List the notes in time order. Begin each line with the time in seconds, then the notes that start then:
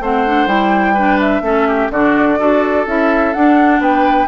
0.00 A3 C4 C5 F#5
0.26 D4
0.46 G3 E4 G5
0.94 D4 B4
1.20 E5
1.41 A3 C#4 A4
1.68 G4
1.90 D3 D4 F#4 D5
2.39 D4 F#4 A4
2.87 C#4 E4 E5
3.33 D4 F#5
3.80 B3 B4 G5